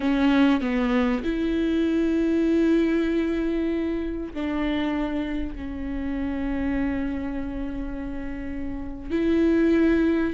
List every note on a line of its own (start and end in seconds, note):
0.00 0.60 C#4
0.60 1.22 B3
1.23 4.33 E4
4.33 5.55 D4
5.55 9.10 C#4
9.10 10.34 E4